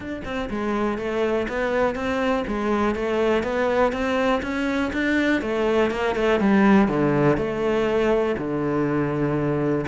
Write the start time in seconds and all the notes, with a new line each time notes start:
0.00 D4
0.25 C4
0.50 G#3
0.97 A3
1.48 B3
1.95 C4
2.47 G#3
2.95 A3
3.43 B3
3.92 C4
4.42 C#4
4.92 D4
5.41 A3
5.90 A#3
6.15 A3
6.40 G3
6.87 D3
7.37 A3
8.37 D3